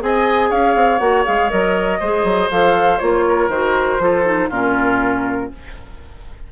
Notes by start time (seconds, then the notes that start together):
0.00 C4 G#4 D#5 G#5
0.49 C#4 C#5 F5
0.75 C4
0.98 A#3 F#4 F#5
1.24 G#3 G#4 F5
1.50 F#3 A#4 D#5
2.00 G#3 G#4 C5
2.24 F#3
2.50 F3 A4 F5
2.99 A#3 F4 C#5
3.28 A#4
3.48 D#3 F#4 C5
3.99 F3 F4 A4
4.25 D#4
4.49 A#2 C#4 F4 A#4